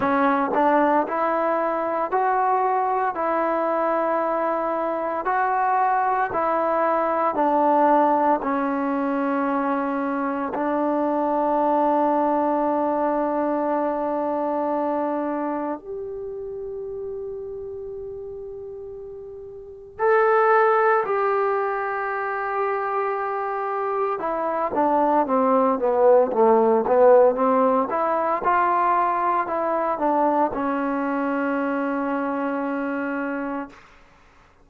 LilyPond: \new Staff \with { instrumentName = "trombone" } { \time 4/4 \tempo 4 = 57 cis'8 d'8 e'4 fis'4 e'4~ | e'4 fis'4 e'4 d'4 | cis'2 d'2~ | d'2. g'4~ |
g'2. a'4 | g'2. e'8 d'8 | c'8 b8 a8 b8 c'8 e'8 f'4 | e'8 d'8 cis'2. | }